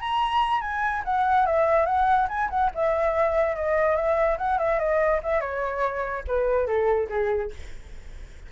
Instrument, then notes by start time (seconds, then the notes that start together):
flute
0.00 A#5
0.61 G#5
1.05 F#5
1.46 E5
1.86 F#5
2.29 G#5
2.50 F#5
2.75 E5
3.56 D#5
3.96 E5
4.38 F#5
4.58 E5
4.79 D#5
5.23 E5
5.40 C#5
6.27 B4
6.66 A4
7.09 G#4